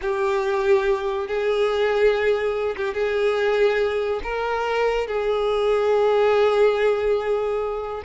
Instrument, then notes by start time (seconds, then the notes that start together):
violin
0.01 G4
1.27 G#4
2.76 G4
2.94 G#4
4.23 A#4
5.07 G#4